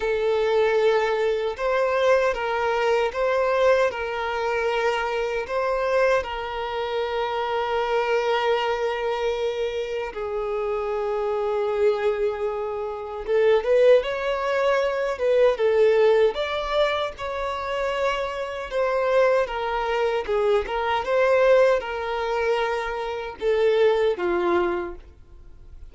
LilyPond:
\new Staff \with { instrumentName = "violin" } { \time 4/4 \tempo 4 = 77 a'2 c''4 ais'4 | c''4 ais'2 c''4 | ais'1~ | ais'4 gis'2.~ |
gis'4 a'8 b'8 cis''4. b'8 | a'4 d''4 cis''2 | c''4 ais'4 gis'8 ais'8 c''4 | ais'2 a'4 f'4 | }